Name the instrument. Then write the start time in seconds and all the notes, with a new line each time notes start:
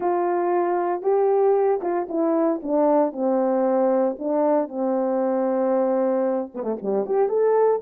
horn
0.00 F4
1.02 G4
1.81 F4
2.08 E4
2.63 D4
3.12 C4
4.18 D4
4.68 C4
6.54 B3
6.63 A3
6.82 G3
7.06 G4
7.29 A4